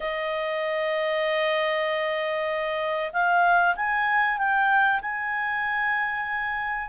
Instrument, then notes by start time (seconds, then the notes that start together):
clarinet
0.00 D#5
3.12 F5
3.76 G#5
4.38 G5
5.01 G#5